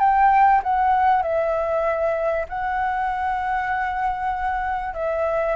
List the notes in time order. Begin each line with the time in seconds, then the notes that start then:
0.00 G5
0.64 F#5
1.23 E5
2.49 F#5
4.95 E5